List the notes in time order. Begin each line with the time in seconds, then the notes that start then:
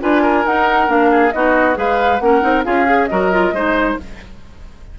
0.00 D4 F4 B4 G#5
0.22 A#4
0.45 D#4 F#5
0.87 A#3 D4 F5
1.11 G#4
1.32 B3 D#4 F#4 D#5
1.74 G#3 G#4 B4 F5
2.19 A#3 C#4 A#4 F#5
2.41 C4 D#4
2.64 C#4 F4 G#4 F5
2.85 G#4
3.06 F#3 F#4 A#4 D#5
3.32 F4
3.52 G#3 D#4 C5